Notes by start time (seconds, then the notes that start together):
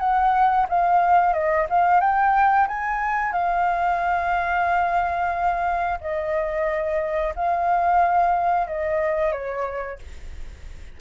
0.00 F#5
0.69 F5
1.33 D#5
1.70 F5
2.01 G5
2.68 G#5
3.32 F5
6.01 D#5
7.36 F5
8.67 D#5
9.32 C#5